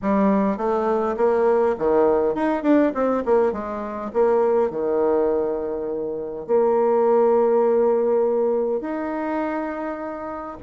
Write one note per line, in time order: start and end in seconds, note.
0.02 0.57 G3
0.57 1.16 A3
1.16 1.75 A#3
1.78 2.34 D#3
2.34 2.63 D#4
2.63 2.92 D4
2.94 3.23 C4
3.25 3.52 A#3
3.52 4.11 G#3
4.13 4.70 A#3
4.70 6.47 D#3
6.47 8.80 A#3
8.80 10.57 D#4